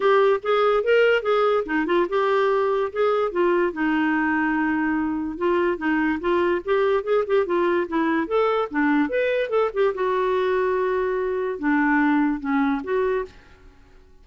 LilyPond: \new Staff \with { instrumentName = "clarinet" } { \time 4/4 \tempo 4 = 145 g'4 gis'4 ais'4 gis'4 | dis'8 f'8 g'2 gis'4 | f'4 dis'2.~ | dis'4 f'4 dis'4 f'4 |
g'4 gis'8 g'8 f'4 e'4 | a'4 d'4 b'4 a'8 g'8 | fis'1 | d'2 cis'4 fis'4 | }